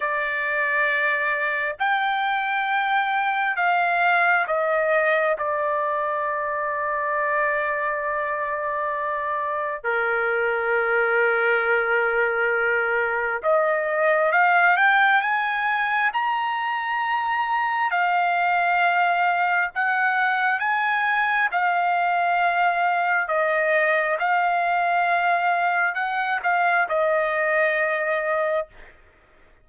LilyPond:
\new Staff \with { instrumentName = "trumpet" } { \time 4/4 \tempo 4 = 67 d''2 g''2 | f''4 dis''4 d''2~ | d''2. ais'4~ | ais'2. dis''4 |
f''8 g''8 gis''4 ais''2 | f''2 fis''4 gis''4 | f''2 dis''4 f''4~ | f''4 fis''8 f''8 dis''2 | }